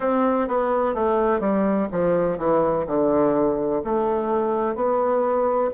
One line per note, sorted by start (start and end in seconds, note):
0.00 0.48 C4
0.48 0.94 B3
0.94 1.39 A3
1.39 1.87 G3
1.91 2.38 F3
2.38 2.85 E3
2.87 3.82 D3
3.84 4.74 A3
4.74 5.70 B3